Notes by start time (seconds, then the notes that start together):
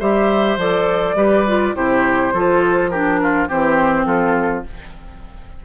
0.00 G3 G4 C5 E5
0.57 F3 A4 D5
1.16 G3 G4 B4
1.48 F4
1.75 C3 E4 G4 C5
2.34 F3 F4 A4
2.90 D4 G4 A#4
3.23 F4
3.49 E3 C4 G4 C5
4.06 F3 F4 A4